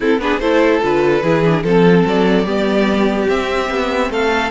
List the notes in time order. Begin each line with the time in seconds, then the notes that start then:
0.00 C4 E4 A4
0.18 B3 D4 G#4 B4
0.39 A3 E4 A4 C5
0.81 D3 F4 B4
1.22 E3 E4 G#4
1.44 D4
1.62 F3 C4 A4
2.05 F#3 D5
2.44 G3 B3 G4
3.27 C4 E5
3.69 B3
4.09 A3 A4 F5